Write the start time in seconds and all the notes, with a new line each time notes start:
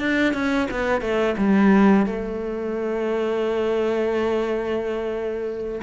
0.00 D4
0.34 C#4
0.71 B3
1.02 A3
1.38 G3
2.06 A3